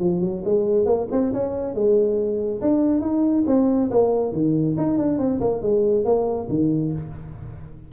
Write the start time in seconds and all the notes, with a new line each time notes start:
0.00 F3
0.21 F#3
0.45 G#3
0.86 A#3
1.11 C4
1.33 C#4
1.75 G#3
2.62 D4
3.01 D#4
3.47 C4
3.91 A#3
4.33 D#3
4.78 D#4
4.98 D4
5.19 C4
5.41 A#3
5.62 G#3
6.05 A#3
6.50 D#3